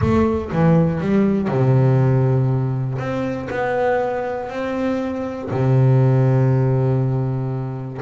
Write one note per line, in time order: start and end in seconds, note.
0.01 0.51 A3
0.52 1.00 E3
1.00 1.47 G3
1.47 2.97 C3
2.98 3.48 C4
3.50 4.49 B3
4.49 5.49 C4
5.50 8.00 C3